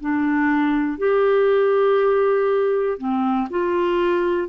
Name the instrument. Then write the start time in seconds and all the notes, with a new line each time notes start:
clarinet
0.00 D4
0.98 G4
2.98 C4
3.50 F4